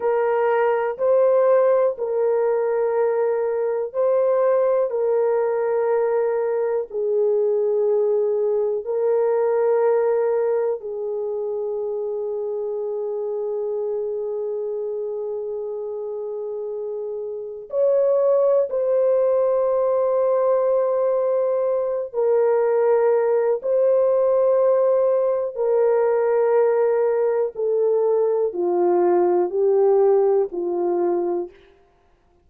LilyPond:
\new Staff \with { instrumentName = "horn" } { \time 4/4 \tempo 4 = 61 ais'4 c''4 ais'2 | c''4 ais'2 gis'4~ | gis'4 ais'2 gis'4~ | gis'1~ |
gis'2 cis''4 c''4~ | c''2~ c''8 ais'4. | c''2 ais'2 | a'4 f'4 g'4 f'4 | }